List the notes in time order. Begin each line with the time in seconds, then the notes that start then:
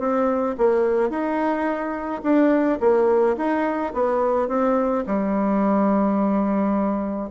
0.00 C4
0.58 A#3
1.10 D#4
2.23 D4
2.81 A#3
3.37 D#4
3.94 B3
4.49 C4
5.07 G3